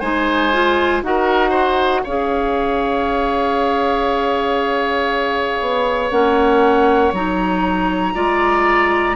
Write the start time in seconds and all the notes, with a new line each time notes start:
0.00 G#3 D#4 C5 G#5
0.53 F4
1.02 D#4 F#4 A#4 F#5
1.50 C5
2.04 C#4 G#4 C#5 F5
5.60 B3
6.11 A#3 C#4 F#5
7.12 F#3 D#4 A#5
8.14 G#3 F4 D5